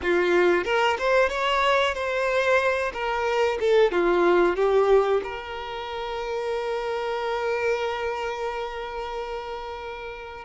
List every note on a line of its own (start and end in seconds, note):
0.02 0.64 F4
0.64 0.97 A#4
0.98 1.29 C5
1.29 1.94 C#5
1.94 2.92 C5
2.93 3.58 A#4
3.60 3.91 A4
3.91 4.56 F4
4.56 5.21 G4
5.23 10.45 A#4